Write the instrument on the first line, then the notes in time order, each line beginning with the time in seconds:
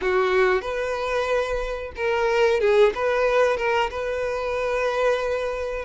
violin
0.01 F#4
0.61 B4
1.96 A#4
2.60 G#4
2.94 B4
3.57 A#4
3.90 B4